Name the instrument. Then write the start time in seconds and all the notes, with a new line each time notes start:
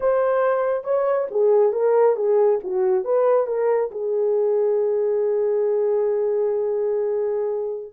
horn
0.00 C5
0.83 C#5
1.30 G#4
1.72 A#4
2.15 G#4
2.63 F#4
3.04 B4
3.46 A#4
3.91 G#4